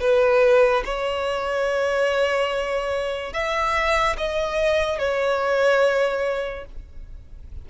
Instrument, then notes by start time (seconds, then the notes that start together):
violin
0.00 B4
0.84 C#5
3.33 E5
4.17 D#5
4.98 C#5